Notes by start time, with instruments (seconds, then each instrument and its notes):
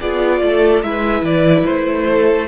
0.00 cello B3, viola F4, violin G#4 D5
0.41 cello A3, violin A4
0.82 cello G#3, viola E4, violin B4 E5
1.22 cello E3, violin D5
1.65 cello A3, violin C5
2.11 violin A4